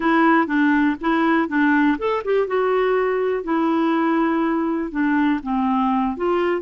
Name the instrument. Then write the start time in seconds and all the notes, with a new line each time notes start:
clarinet
0.00 E4
0.46 D4
1.00 E4
1.48 D4
1.98 A4
2.24 G4
2.47 F#4
3.43 E4
4.91 D4
5.43 C4
6.16 F4